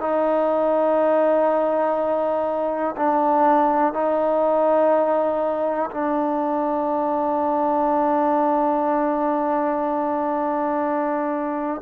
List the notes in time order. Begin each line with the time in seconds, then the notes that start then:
0.00 D#4
2.96 D4
3.93 D#4
5.91 D4